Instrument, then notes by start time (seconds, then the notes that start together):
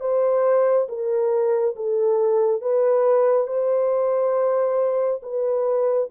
horn
0.00 C5
0.88 A#4
1.75 A4
2.61 B4
3.47 C5
5.22 B4